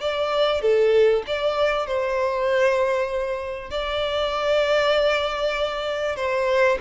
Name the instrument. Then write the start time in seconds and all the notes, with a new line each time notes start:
violin
0.00 D5
0.61 A4
1.26 D5
1.86 C5
3.70 D5
6.16 C5